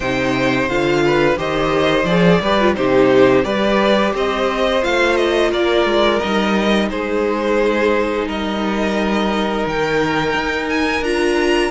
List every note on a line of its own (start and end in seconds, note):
0.00 0.68 C3
0.00 0.69 D#4
0.00 1.03 C5
0.00 0.68 G5
0.68 1.37 D3
0.68 1.36 F4
0.68 1.37 F5
1.05 1.37 B4
1.36 2.04 D#3
1.36 2.05 G4
1.36 2.41 C5
1.36 2.05 D#5
2.04 2.39 F3
2.04 2.42 G#4
2.04 2.74 D5
2.41 2.76 G3
2.41 2.60 G4
2.41 2.76 B4
2.60 2.75 F4
2.75 3.44 C3
2.75 3.43 D#4
2.75 3.44 G4
2.75 3.44 C5
3.43 4.13 G3
3.43 4.81 G4
3.43 4.13 B4
3.43 4.13 D5
4.14 4.83 C4
4.14 5.50 C5
4.14 4.83 D#5
4.82 5.52 A3
4.82 6.20 F4
4.82 5.16 F5
5.16 5.50 D#5
5.50 5.85 A#3
5.50 6.88 A#4
5.50 6.19 D5
5.85 6.19 G#3
6.19 6.90 G3
6.19 11.04 D#4
6.19 6.88 D#5
6.90 8.26 G#3
6.90 8.27 G#4
6.90 8.28 C5
8.26 9.64 G3
8.26 11.70 A#4
8.26 9.66 D#5
9.66 10.34 D#3
9.66 10.69 G5
10.34 11.00 D#4
10.69 11.03 G#5
11.00 11.69 D4
11.00 11.70 F4
11.00 11.70 A#5